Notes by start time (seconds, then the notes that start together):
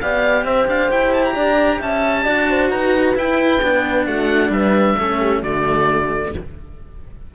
0.00 B3 G4 D5 F5
0.45 C4 C5 E5
0.68 D4 F5
0.91 E4 G5
1.13 A5
1.25 A#5
1.33 D4 D5
1.80 C#4 E5 A5
2.23 D4 F#4 D5
2.49 C5
2.70 D#4 B4 A#5
3.15 E4 G5
3.62 B3 D4
4.06 A3 F#4 F#5
4.50 G3 B4 E5
4.98 A3 C#4 A4
5.20 G4
5.40 D3 A3 F#4 D5